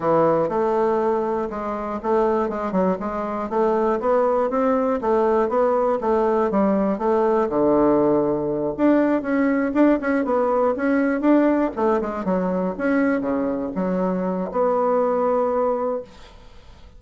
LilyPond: \new Staff \with { instrumentName = "bassoon" } { \time 4/4 \tempo 4 = 120 e4 a2 gis4 | a4 gis8 fis8 gis4 a4 | b4 c'4 a4 b4 | a4 g4 a4 d4~ |
d4. d'4 cis'4 d'8 | cis'8 b4 cis'4 d'4 a8 | gis8 fis4 cis'4 cis4 fis8~ | fis4 b2. | }